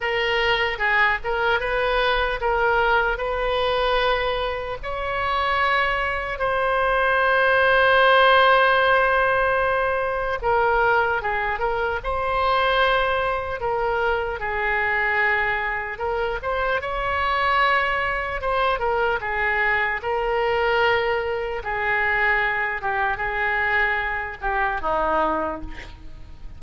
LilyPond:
\new Staff \with { instrumentName = "oboe" } { \time 4/4 \tempo 4 = 75 ais'4 gis'8 ais'8 b'4 ais'4 | b'2 cis''2 | c''1~ | c''4 ais'4 gis'8 ais'8 c''4~ |
c''4 ais'4 gis'2 | ais'8 c''8 cis''2 c''8 ais'8 | gis'4 ais'2 gis'4~ | gis'8 g'8 gis'4. g'8 dis'4 | }